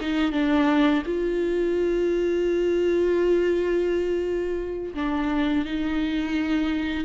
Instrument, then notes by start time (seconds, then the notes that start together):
viola
0.00 D#4
0.32 D4
1.06 F4
4.94 D4
5.65 D#4